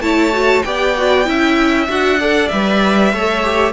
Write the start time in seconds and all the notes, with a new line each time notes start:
0.00 A3 E4 C#5 A5
0.33 F#4
0.63 B3 G4 D5 G5
0.98 F#4
1.25 C#4 E4 E5
1.88 D4 F#4 F#5
2.20 A4 D5
2.48 G3 B4 E5
3.13 A3 A4 C#5
3.43 G4